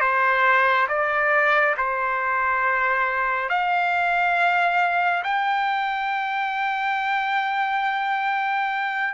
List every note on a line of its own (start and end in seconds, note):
0.00 0.87 C5
0.88 1.75 D5
1.77 3.49 C5
3.49 5.23 F5
5.24 9.14 G5